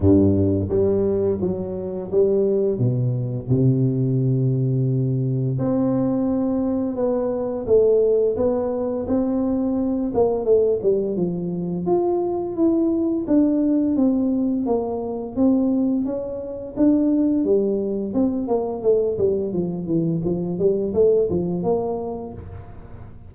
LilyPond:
\new Staff \with { instrumentName = "tuba" } { \time 4/4 \tempo 4 = 86 g,4 g4 fis4 g4 | b,4 c2. | c'2 b4 a4 | b4 c'4. ais8 a8 g8 |
f4 f'4 e'4 d'4 | c'4 ais4 c'4 cis'4 | d'4 g4 c'8 ais8 a8 g8 | f8 e8 f8 g8 a8 f8 ais4 | }